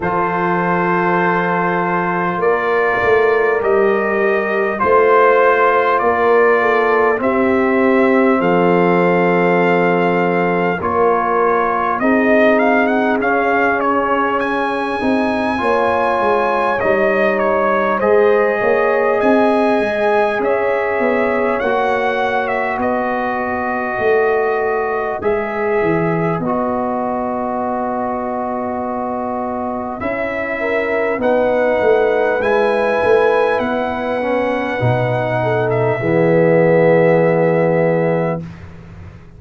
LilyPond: <<
  \new Staff \with { instrumentName = "trumpet" } { \time 4/4 \tempo 4 = 50 c''2 d''4 dis''4 | c''4 d''4 e''4 f''4~ | f''4 cis''4 dis''8 f''16 fis''16 f''8 cis''8 | gis''2 dis''8 cis''8 dis''4 |
gis''4 e''4 fis''8. e''16 dis''4~ | dis''4 e''4 dis''2~ | dis''4 e''4 fis''4 gis''4 | fis''4.~ fis''16 e''2~ e''16 | }
  \new Staff \with { instrumentName = "horn" } { \time 4/4 a'2 ais'2 | c''4 ais'8 a'8 g'4 a'4~ | a'4 ais'4 gis'2~ | gis'4 cis''2 c''8 cis''8 |
dis''4 cis''2 b'4~ | b'1~ | b'4. ais'8 b'2~ | b'4. a'8 gis'2 | }
  \new Staff \with { instrumentName = "trombone" } { \time 4/4 f'2. g'4 | f'2 c'2~ | c'4 f'4 dis'4 cis'4~ | cis'8 dis'8 f'4 dis'4 gis'4~ |
gis'2 fis'2~ | fis'4 gis'4 fis'2~ | fis'4 e'4 dis'4 e'4~ | e'8 cis'8 dis'4 b2 | }
  \new Staff \with { instrumentName = "tuba" } { \time 4/4 f2 ais8 a8 g4 | a4 ais4 c'4 f4~ | f4 ais4 c'4 cis'4~ | cis'8 c'8 ais8 gis8 g4 gis8 ais8 |
c'8 gis8 cis'8 b8 ais4 b4 | a4 gis8 e8 b2~ | b4 cis'4 b8 a8 gis8 a8 | b4 b,4 e2 | }
>>